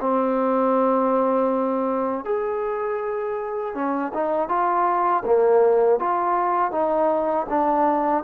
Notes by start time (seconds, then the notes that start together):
0.00 C4
2.24 G#4
3.74 C#4
4.14 D#4
4.48 F4
5.25 A#3
5.99 F4
6.72 D#4
7.49 D4